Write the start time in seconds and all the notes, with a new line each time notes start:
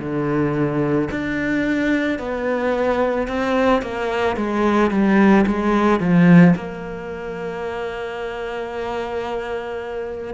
0.00 D3
1.11 D4
2.19 B3
3.28 C4
3.82 A#3
4.37 G#3
4.91 G3
5.47 G#3
6.00 F3
6.56 A#3